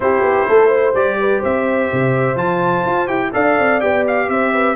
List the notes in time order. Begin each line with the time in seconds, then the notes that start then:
0.00 C4 E4 G4 C5
0.21 B3
0.48 A3 A4
0.67 C5
0.94 G3 G4 D5
1.19 B4
1.39 C4 C5 E5
1.92 C3
2.35 F3 F4 A5
2.85 F4
3.07 E4 G4 G5
3.32 D4 A4 D5 F5
3.58 C4
3.80 B3 G4 G5
4.07 F5
4.28 C4 C5 E5
4.53 B4